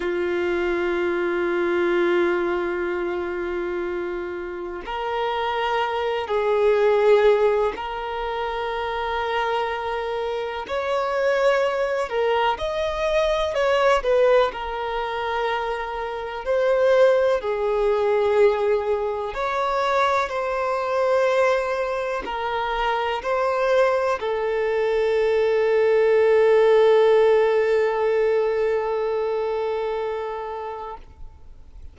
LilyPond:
\new Staff \with { instrumentName = "violin" } { \time 4/4 \tempo 4 = 62 f'1~ | f'4 ais'4. gis'4. | ais'2. cis''4~ | cis''8 ais'8 dis''4 cis''8 b'8 ais'4~ |
ais'4 c''4 gis'2 | cis''4 c''2 ais'4 | c''4 a'2.~ | a'1 | }